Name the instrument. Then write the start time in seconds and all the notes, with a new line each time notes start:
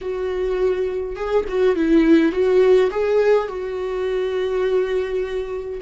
viola
0.01 F#4
1.15 G#4
1.48 F#4
1.75 E4
2.32 F#4
2.90 G#4
3.47 F#4